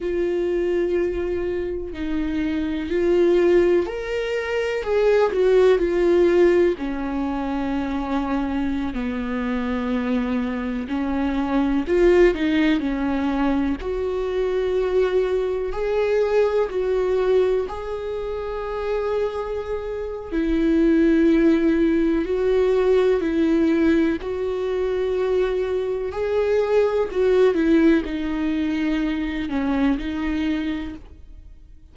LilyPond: \new Staff \with { instrumentName = "viola" } { \time 4/4 \tempo 4 = 62 f'2 dis'4 f'4 | ais'4 gis'8 fis'8 f'4 cis'4~ | cis'4~ cis'16 b2 cis'8.~ | cis'16 f'8 dis'8 cis'4 fis'4.~ fis'16~ |
fis'16 gis'4 fis'4 gis'4.~ gis'16~ | gis'4 e'2 fis'4 | e'4 fis'2 gis'4 | fis'8 e'8 dis'4. cis'8 dis'4 | }